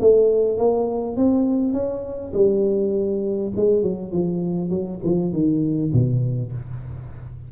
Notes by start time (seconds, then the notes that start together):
0.00 A3
0.58 A#3
1.17 C4
1.73 C#4
2.34 G3
3.56 G#3
3.83 F#3
4.12 F3
4.70 F#3
5.04 F3
5.32 D#3
5.93 B2